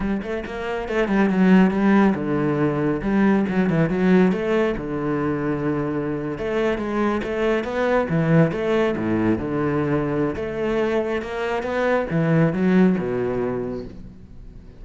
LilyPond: \new Staff \with { instrumentName = "cello" } { \time 4/4 \tempo 4 = 139 g8 a8 ais4 a8 g8 fis4 | g4 d2 g4 | fis8 e8 fis4 a4 d4~ | d2~ d8. a4 gis16~ |
gis8. a4 b4 e4 a16~ | a8. a,4 d2~ d16 | a2 ais4 b4 | e4 fis4 b,2 | }